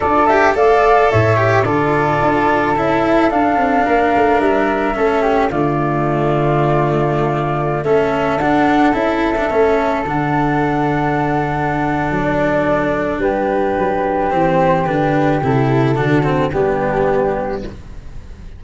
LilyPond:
<<
  \new Staff \with { instrumentName = "flute" } { \time 4/4 \tempo 4 = 109 d''8 e''8 f''4 e''4 d''4~ | d''4 e''4 f''2 | e''2 d''2~ | d''2~ d''16 e''4 fis''8.~ |
fis''16 e''2 fis''4.~ fis''16~ | fis''2 d''2 | b'2 c''4 b'4 | a'2 g'2 | }
  \new Staff \with { instrumentName = "flute" } { \time 4/4 a'4 d''4 cis''4 a'4~ | a'2. ais'4~ | ais'4 a'8 g'8 f'2~ | f'2~ f'16 a'4.~ a'16~ |
a'1~ | a'1 | g'1~ | g'4 fis'4 d'2 | }
  \new Staff \with { instrumentName = "cello" } { \time 4/4 f'8 g'8 a'4. g'8 f'4~ | f'4 e'4 d'2~ | d'4 cis'4 a2~ | a2~ a16 cis'4 d'8.~ |
d'16 e'8. d'16 cis'4 d'4.~ d'16~ | d'1~ | d'2 c'4 d'4 | e'4 d'8 c'8 b2 | }
  \new Staff \with { instrumentName = "tuba" } { \time 4/4 d'4 a4 a,4 d4 | d'4 cis'4 d'8 c'8 ais8 a8 | g4 a4 d2~ | d2~ d16 a4 d'8.~ |
d'16 cis'4 a4 d4.~ d16~ | d2 fis2 | g4 fis4 e4 d4 | c4 d4 g2 | }
>>